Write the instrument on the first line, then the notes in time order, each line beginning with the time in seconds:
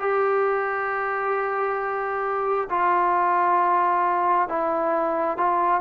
trombone
0.00 G4
2.70 F4
4.49 E4
5.37 F4